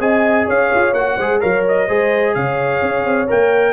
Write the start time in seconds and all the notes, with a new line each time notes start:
0.00 C4 G#4 D#5 G#5
0.46 C#4 C#5 F5
0.75 F4
0.94 A#3 F#4 F#5
1.17 G#3 G#4 C5
1.41 F#3 A#4 C#5 F5
1.68 D#5
1.88 G#3 G#4 C5
2.35 C#3 C#5 F5
2.82 C#4
3.05 C4
3.28 A#3 A#4 G5